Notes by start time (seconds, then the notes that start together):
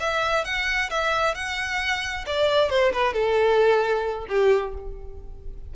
0.00 E5
0.45 F#5
0.90 E5
1.35 F#5
2.26 D5
2.70 C5
2.93 B4
3.14 A4
4.29 G4